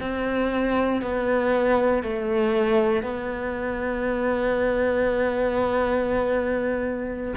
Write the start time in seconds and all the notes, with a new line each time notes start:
0.00 C4
1.02 B3
2.03 A3
3.02 B3